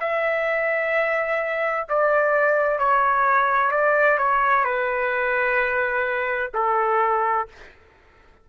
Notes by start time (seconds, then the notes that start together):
0.00 E5
1.88 D5
2.79 C#5
3.71 D5
4.18 C#5
4.64 B4
6.54 A4